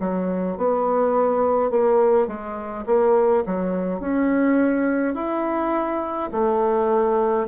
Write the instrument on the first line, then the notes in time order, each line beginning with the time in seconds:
bassoon
0.00 F#3
0.58 B3
1.70 A#3
2.28 G#3
2.86 A#3
3.46 F#3
4.01 C#4
5.15 E4
6.33 A3